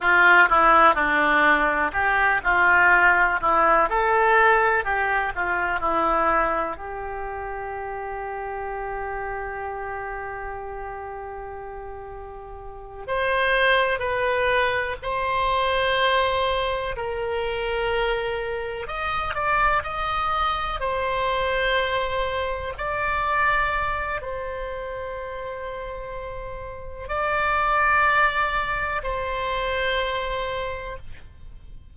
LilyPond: \new Staff \with { instrumentName = "oboe" } { \time 4/4 \tempo 4 = 62 f'8 e'8 d'4 g'8 f'4 e'8 | a'4 g'8 f'8 e'4 g'4~ | g'1~ | g'4. c''4 b'4 c''8~ |
c''4. ais'2 dis''8 | d''8 dis''4 c''2 d''8~ | d''4 c''2. | d''2 c''2 | }